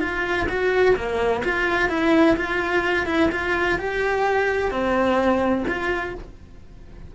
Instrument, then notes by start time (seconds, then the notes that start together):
cello
0.00 F4
0.49 F#4
0.96 A#3
1.44 F4
1.89 E4
2.37 F4
3.07 E4
3.32 F4
3.79 G4
4.71 C4
5.68 F4